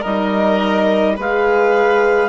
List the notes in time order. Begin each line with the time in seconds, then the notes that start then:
0.00 G3 D#4 A#4 D#5
1.16 G#3 G#4 B4 F5